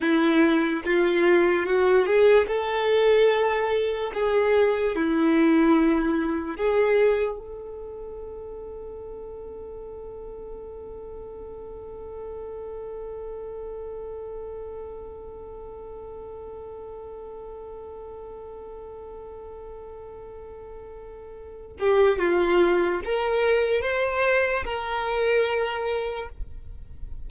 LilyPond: \new Staff \with { instrumentName = "violin" } { \time 4/4 \tempo 4 = 73 e'4 f'4 fis'8 gis'8 a'4~ | a'4 gis'4 e'2 | gis'4 a'2.~ | a'1~ |
a'1~ | a'1~ | a'2~ a'8 g'8 f'4 | ais'4 c''4 ais'2 | }